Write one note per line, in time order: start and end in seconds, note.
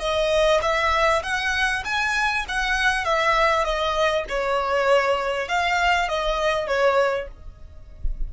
0.00 0.61 D#5
0.62 1.23 E5
1.23 1.83 F#5
1.85 2.45 G#5
2.48 3.05 F#5
3.05 3.64 E5
3.64 4.25 D#5
4.29 5.49 C#5
5.49 6.09 F5
6.09 6.67 D#5
6.67 7.28 C#5